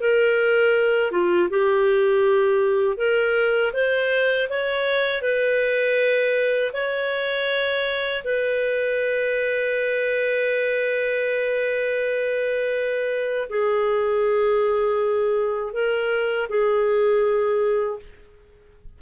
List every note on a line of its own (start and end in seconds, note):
0.00 1.11 A#4
1.11 1.49 F4
1.49 2.97 G4
2.97 3.72 A#4
3.73 4.48 C5
4.49 5.22 C#5
5.22 6.72 B4
6.72 8.22 C#5
8.23 13.48 B4
13.49 15.73 G#4
15.73 16.48 A#4
16.49 17.99 G#4